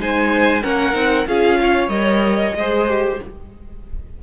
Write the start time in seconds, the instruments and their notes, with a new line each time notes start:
0.00 cello G#3, viola D#4, violin C5 G#5
0.62 cello A#3, viola C#4, violin A#4 F#5
0.93 cello C4, viola D#4
1.27 cello C#4, viola F4, violin G#4 F5
1.61 violin C#5
1.88 cello G3, viola A#4, violin D#5
2.56 cello G#3, viola G#4, violin C5
2.88 viola G4